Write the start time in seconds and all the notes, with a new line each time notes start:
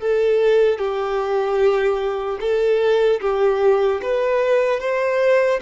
0.00 A4
0.78 G4
2.40 A4
3.20 G4
4.01 B4
4.80 C5